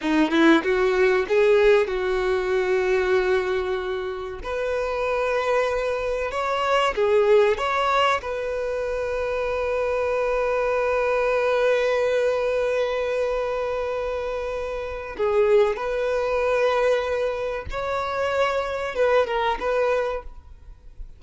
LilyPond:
\new Staff \with { instrumentName = "violin" } { \time 4/4 \tempo 4 = 95 dis'8 e'8 fis'4 gis'4 fis'4~ | fis'2. b'4~ | b'2 cis''4 gis'4 | cis''4 b'2.~ |
b'1~ | b'1 | gis'4 b'2. | cis''2 b'8 ais'8 b'4 | }